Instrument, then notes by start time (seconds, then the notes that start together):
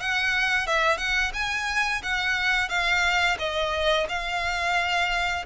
violin
0.00 F#5
0.67 E5
0.98 F#5
1.34 G#5
2.03 F#5
2.69 F5
3.39 D#5
4.09 F5